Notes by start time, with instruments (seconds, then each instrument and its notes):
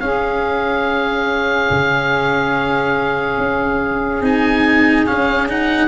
0.00 tuba C#4, cello C#4, saxophone G#4, oboe F5
1.70 tuba C#3
3.38 tuba C#4
4.21 tuba C4, cello D#4, oboe G#5
5.06 cello C#4, tuba C#4, oboe F5
5.49 cello D#4, oboe F#5